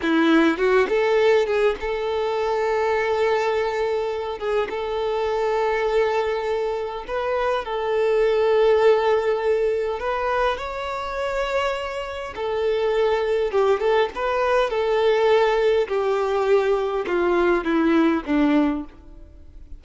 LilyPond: \new Staff \with { instrumentName = "violin" } { \time 4/4 \tempo 4 = 102 e'4 fis'8 a'4 gis'8 a'4~ | a'2.~ a'8 gis'8 | a'1 | b'4 a'2.~ |
a'4 b'4 cis''2~ | cis''4 a'2 g'8 a'8 | b'4 a'2 g'4~ | g'4 f'4 e'4 d'4 | }